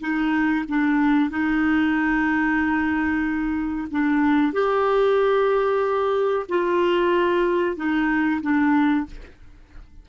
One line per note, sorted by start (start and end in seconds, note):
0.00 0.65 D#4
0.68 1.30 D4
1.30 3.88 D#4
3.90 4.53 D4
4.53 6.46 G4
6.49 7.76 F4
7.76 8.41 D#4
8.41 9.06 D4